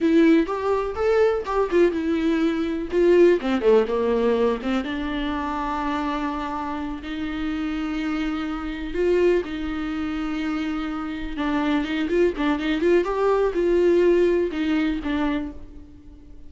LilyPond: \new Staff \with { instrumentName = "viola" } { \time 4/4 \tempo 4 = 124 e'4 g'4 a'4 g'8 f'8 | e'2 f'4 c'8 a8 | ais4. c'8 d'2~ | d'2~ d'8 dis'4.~ |
dis'2~ dis'8 f'4 dis'8~ | dis'2.~ dis'8 d'8~ | d'8 dis'8 f'8 d'8 dis'8 f'8 g'4 | f'2 dis'4 d'4 | }